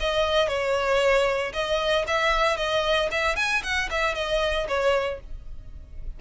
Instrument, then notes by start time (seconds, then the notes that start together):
violin
0.00 D#5
0.48 C#5
1.53 D#5
2.07 E5
2.57 D#5
3.11 E5
3.36 G#5
3.63 F#5
3.90 E5
4.15 D#5
4.68 C#5